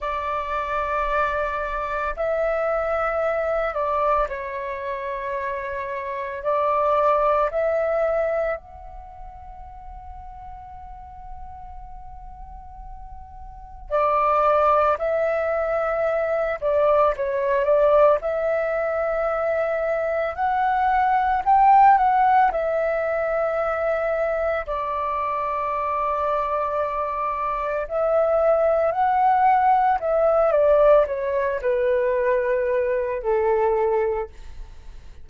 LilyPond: \new Staff \with { instrumentName = "flute" } { \time 4/4 \tempo 4 = 56 d''2 e''4. d''8 | cis''2 d''4 e''4 | fis''1~ | fis''4 d''4 e''4. d''8 |
cis''8 d''8 e''2 fis''4 | g''8 fis''8 e''2 d''4~ | d''2 e''4 fis''4 | e''8 d''8 cis''8 b'4. a'4 | }